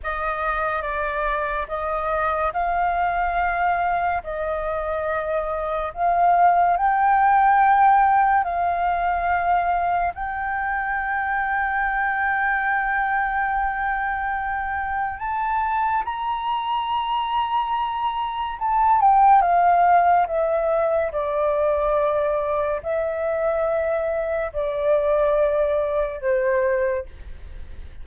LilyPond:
\new Staff \with { instrumentName = "flute" } { \time 4/4 \tempo 4 = 71 dis''4 d''4 dis''4 f''4~ | f''4 dis''2 f''4 | g''2 f''2 | g''1~ |
g''2 a''4 ais''4~ | ais''2 a''8 g''8 f''4 | e''4 d''2 e''4~ | e''4 d''2 c''4 | }